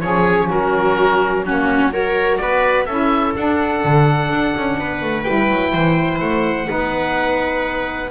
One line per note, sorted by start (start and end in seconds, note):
0.00 0.50 F3
0.00 1.45 C#4
0.00 0.49 G#4
0.00 0.48 C#5
0.49 2.40 F#3
0.49 1.44 F#4
0.49 1.45 A#4
1.45 1.90 A#3
1.45 1.93 C#4
1.45 1.93 F#4
1.90 2.85 F#4
1.90 2.40 A#4
1.90 2.37 C#5
2.37 2.88 B3
2.37 2.85 B4
2.37 2.84 D5
2.85 3.35 C#4
2.85 3.36 E4
2.85 4.76 A4
2.85 3.33 E5
3.36 3.83 D4
3.36 5.25 D4
3.36 5.23 F#5
3.84 4.30 D3
4.30 4.54 D4
4.57 4.79 C#4
4.79 5.02 B3
4.79 5.73 B4
5.02 5.25 A3
5.23 5.50 G3
5.23 6.66 E4
5.23 6.19 G5
5.50 5.74 F#3
5.73 6.21 E3
5.73 6.68 C5
6.20 6.69 A3
6.20 8.11 F#5
6.66 8.11 B3
6.66 8.08 D#4
6.66 8.11 B4